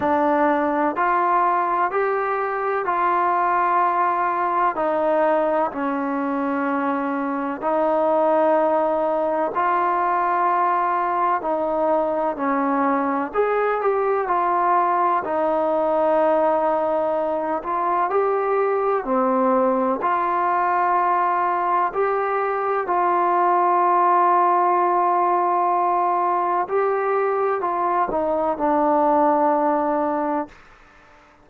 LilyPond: \new Staff \with { instrumentName = "trombone" } { \time 4/4 \tempo 4 = 63 d'4 f'4 g'4 f'4~ | f'4 dis'4 cis'2 | dis'2 f'2 | dis'4 cis'4 gis'8 g'8 f'4 |
dis'2~ dis'8 f'8 g'4 | c'4 f'2 g'4 | f'1 | g'4 f'8 dis'8 d'2 | }